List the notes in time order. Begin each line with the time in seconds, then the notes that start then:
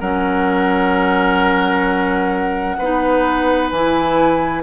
0.00 F#3 C#4 A#4 F#5
2.78 B3 D#4 B4
3.71 E3 E4 G#5